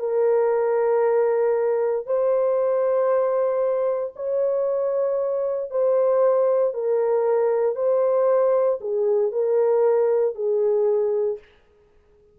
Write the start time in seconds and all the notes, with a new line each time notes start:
0.00 A#4
2.07 C5
4.16 C#5
5.71 C5
6.74 A#4
7.76 C5
8.81 G#4
9.32 A#4
10.36 G#4